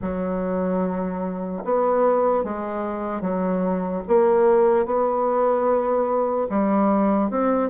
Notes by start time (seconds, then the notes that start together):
0.01 F#3
1.64 B3
2.44 G#3
3.21 F#3
4.07 A#3
4.85 B3
6.49 G3
7.30 C4